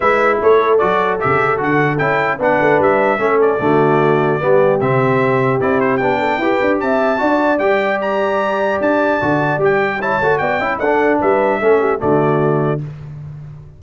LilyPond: <<
  \new Staff \with { instrumentName = "trumpet" } { \time 4/4 \tempo 4 = 150 e''4 cis''4 d''4 e''4 | fis''4 g''4 fis''4 e''4~ | e''8 d''2.~ d''8 | e''2 d''8 c''8 g''4~ |
g''4 a''2 g''4 | ais''2 a''2 | g''4 a''4 g''4 fis''4 | e''2 d''2 | }
  \new Staff \with { instrumentName = "horn" } { \time 4/4 b'4 a'2.~ | a'2 b'2 | a'4 fis'2 g'4~ | g'2.~ g'8 a'8 |
b'4 e''4 d''2~ | d''1~ | d''4 cis''4 d''8 e''8 a'4 | b'4 a'8 g'8 fis'2 | }
  \new Staff \with { instrumentName = "trombone" } { \time 4/4 e'2 fis'4 g'4 | fis'4 e'4 d'2 | cis'4 a2 b4 | c'2 e'4 d'4 |
g'2 fis'4 g'4~ | g'2. fis'4 | g'4 e'8 fis'4 e'8 d'4~ | d'4 cis'4 a2 | }
  \new Staff \with { instrumentName = "tuba" } { \time 4/4 gis4 a4 fis4 cis4 | d4 cis'4 b8 a8 g4 | a4 d2 g4 | c2 c'4 b4 |
e'8 d'8 c'4 d'4 g4~ | g2 d'4 d4 | g4. a8 b8 cis'8 d'4 | g4 a4 d2 | }
>>